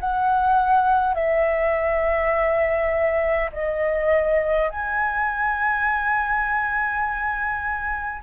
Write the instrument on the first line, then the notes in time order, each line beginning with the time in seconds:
flute
0.00 F#5
1.14 E5
3.52 D#5
4.70 G#5